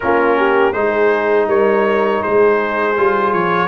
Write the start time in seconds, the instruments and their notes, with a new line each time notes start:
0.00 tuba A#3, trombone C#4, horn F4, trumpet A#4
0.37 horn G4
0.73 tuba G#3, trombone D#4, horn G#4, trumpet C5
1.47 tuba G3, horn A#4, trumpet C#5
2.21 tuba G#3, horn G#4, trumpet C5
2.96 tuba G3, trombone F4
3.32 tuba F3, trumpet C#5